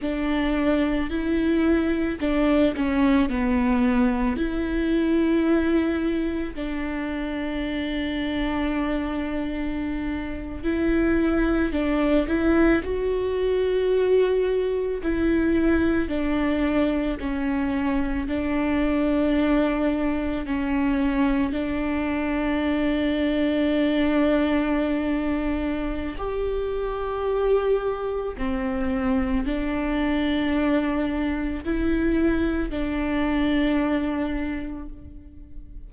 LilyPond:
\new Staff \with { instrumentName = "viola" } { \time 4/4 \tempo 4 = 55 d'4 e'4 d'8 cis'8 b4 | e'2 d'2~ | d'4.~ d'16 e'4 d'8 e'8 fis'16~ | fis'4.~ fis'16 e'4 d'4 cis'16~ |
cis'8. d'2 cis'4 d'16~ | d'1 | g'2 c'4 d'4~ | d'4 e'4 d'2 | }